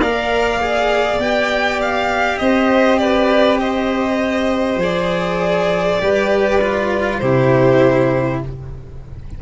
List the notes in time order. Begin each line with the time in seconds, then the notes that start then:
0.00 A#3 A#4 D5 F5
0.61 G#4
1.19 B3 G4 G5
1.82 F5
2.38 C4 C5 D#5
2.98 B4 D5
3.60 C5 D#5
4.76 F3 G#4
4.83 D5
6.00 G3 G4 B4
6.62 F4
7.19 C3 E4 G4 C5